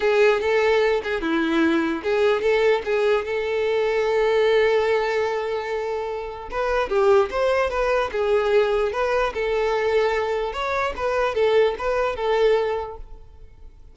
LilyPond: \new Staff \with { instrumentName = "violin" } { \time 4/4 \tempo 4 = 148 gis'4 a'4. gis'8 e'4~ | e'4 gis'4 a'4 gis'4 | a'1~ | a'1 |
b'4 g'4 c''4 b'4 | gis'2 b'4 a'4~ | a'2 cis''4 b'4 | a'4 b'4 a'2 | }